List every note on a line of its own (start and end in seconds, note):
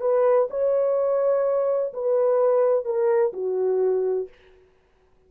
0.00 0.48 B4
0.50 1.93 C#5
1.93 2.84 B4
2.84 3.32 A#4
3.33 4.28 F#4